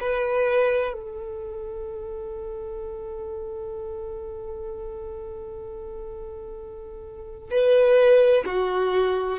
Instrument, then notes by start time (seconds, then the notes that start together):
violin
0.00 B4
0.93 A4
7.50 B4
8.45 F#4